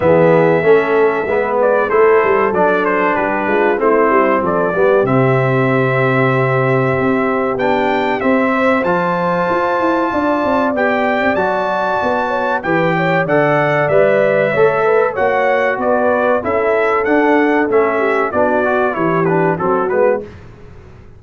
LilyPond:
<<
  \new Staff \with { instrumentName = "trumpet" } { \time 4/4 \tempo 4 = 95 e''2~ e''8 d''8 c''4 | d''8 c''8 b'4 c''4 d''4 | e''1 | g''4 e''4 a''2~ |
a''4 g''4 a''2 | g''4 fis''4 e''2 | fis''4 d''4 e''4 fis''4 | e''4 d''4 cis''8 b'8 a'8 b'8 | }
  \new Staff \with { instrumentName = "horn" } { \time 4/4 gis'4 a'4 b'4 a'4~ | a'4 g'8 f'8 e'4 a'8 g'8~ | g'1~ | g'4. c''2~ c''8 |
d''2.~ d''8 cis''8 | b'8 cis''8 d''2 cis''8 b'8 | cis''4 b'4 a'2~ | a'8 g'8 fis'4 g'4 fis'4 | }
  \new Staff \with { instrumentName = "trombone" } { \time 4/4 b4 cis'4 b4 e'4 | d'2 c'4. b8 | c'1 | d'4 c'4 f'2~ |
f'4 g'4 fis'2 | g'4 a'4 b'4 a'4 | fis'2 e'4 d'4 | cis'4 d'8 fis'8 e'8 d'8 c'8 b8 | }
  \new Staff \with { instrumentName = "tuba" } { \time 4/4 e4 a4 gis4 a8 g8 | fis4 g8 gis8 a8 g8 f8 g8 | c2. c'4 | b4 c'4 f4 f'8 e'8 |
d'8 c'8 b8. c'16 fis4 b4 | e4 d4 g4 a4 | ais4 b4 cis'4 d'4 | a4 b4 e4 fis8 gis8 | }
>>